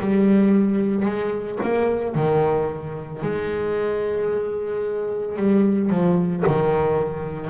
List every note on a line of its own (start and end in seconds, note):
0.00 1.06 G3
1.06 1.59 G#3
1.63 2.15 A#3
2.15 3.22 D#3
3.22 5.37 G#3
5.37 5.90 G3
5.90 6.43 F3
6.47 7.50 D#3